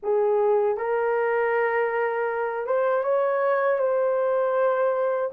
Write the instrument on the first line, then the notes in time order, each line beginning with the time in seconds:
horn
0.02 G#4
0.77 A#4
2.66 C5
3.03 C#5
3.78 C5